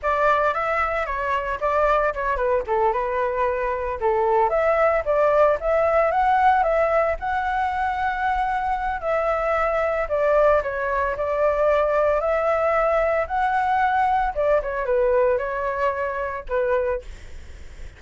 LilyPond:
\new Staff \with { instrumentName = "flute" } { \time 4/4 \tempo 4 = 113 d''4 e''4 cis''4 d''4 | cis''8 b'8 a'8 b'2 a'8~ | a'8 e''4 d''4 e''4 fis''8~ | fis''8 e''4 fis''2~ fis''8~ |
fis''4 e''2 d''4 | cis''4 d''2 e''4~ | e''4 fis''2 d''8 cis''8 | b'4 cis''2 b'4 | }